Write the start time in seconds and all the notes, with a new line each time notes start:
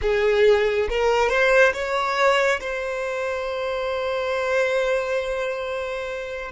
0.01 G#4
0.89 A#4
1.29 C5
1.73 C#5
2.60 C5